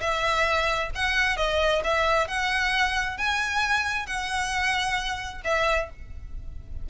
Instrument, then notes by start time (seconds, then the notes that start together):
violin
0.00 E5
0.94 F#5
1.36 D#5
1.84 E5
2.27 F#5
3.17 G#5
4.06 F#5
5.44 E5